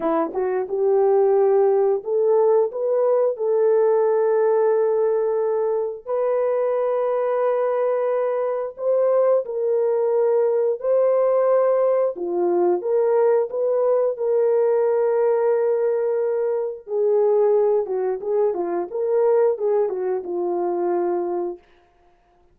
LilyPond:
\new Staff \with { instrumentName = "horn" } { \time 4/4 \tempo 4 = 89 e'8 fis'8 g'2 a'4 | b'4 a'2.~ | a'4 b'2.~ | b'4 c''4 ais'2 |
c''2 f'4 ais'4 | b'4 ais'2.~ | ais'4 gis'4. fis'8 gis'8 f'8 | ais'4 gis'8 fis'8 f'2 | }